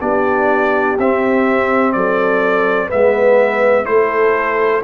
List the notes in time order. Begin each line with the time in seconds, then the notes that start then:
0.00 B3 D4 G4 D5
0.98 C4 E5
1.92 F#3 A4 D5
2.86 B3 B4 E5
2.93 G#3
3.84 A3 E4 A4 C5